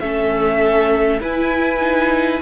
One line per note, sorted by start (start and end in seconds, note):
0.00 1.21 A3
0.00 1.22 C#4
0.00 1.21 A4
0.00 1.20 E5
1.21 1.81 E4
1.21 2.42 E4
1.21 2.41 B4
1.21 2.43 G#5
1.81 2.41 D#4